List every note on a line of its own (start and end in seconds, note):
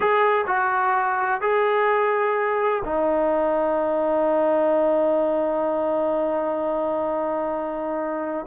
0.00 0.45 G#4
0.46 1.41 F#4
1.41 2.82 G#4
2.84 8.46 D#4